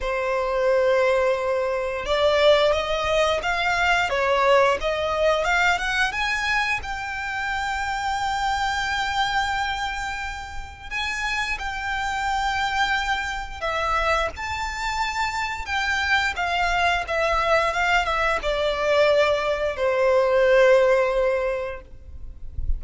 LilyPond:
\new Staff \with { instrumentName = "violin" } { \time 4/4 \tempo 4 = 88 c''2. d''4 | dis''4 f''4 cis''4 dis''4 | f''8 fis''8 gis''4 g''2~ | g''1 |
gis''4 g''2. | e''4 a''2 g''4 | f''4 e''4 f''8 e''8 d''4~ | d''4 c''2. | }